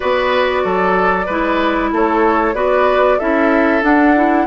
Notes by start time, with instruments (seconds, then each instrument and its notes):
0.00 bassoon B3, clarinet F#4, oboe B4, flute D5
0.64 bassoon F#3, oboe A4
1.26 bassoon G#3, clarinet E4, oboe B4
1.92 bassoon A3, oboe A4, flute C#5
2.54 bassoon B3, clarinet F#4, oboe B4, flute D5
3.18 bassoon C#4, clarinet E4, oboe A4, flute E5
3.82 clarinet D4, bassoon D4, flute F#5
4.15 clarinet E4